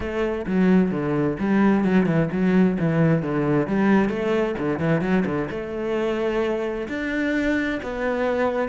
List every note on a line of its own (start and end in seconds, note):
0.00 0.45 A3
0.46 0.91 F#3
0.91 1.37 D3
1.39 1.84 G3
1.84 2.06 F#3
2.06 2.29 E3
2.32 2.78 F#3
2.79 3.22 E3
3.22 3.67 D3
3.67 4.09 G3
4.09 4.55 A3
4.58 4.79 D3
4.79 5.01 E3
5.01 5.24 F#3
5.25 5.48 D3
5.50 6.87 A3
6.88 7.80 D4
7.82 8.68 B3